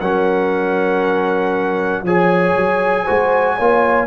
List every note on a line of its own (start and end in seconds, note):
0.00 2.03 F#3
0.00 2.05 C#4
0.00 2.03 A#4
0.00 2.04 F#5
2.03 2.54 F3
2.03 3.06 G#4
2.03 3.03 C#5
2.03 4.07 G#5
2.56 3.07 F#3
3.03 3.57 F#4
3.03 3.54 C5
3.09 3.59 G#3
3.55 4.07 A#3
3.55 4.07 F4
3.55 4.06 C#5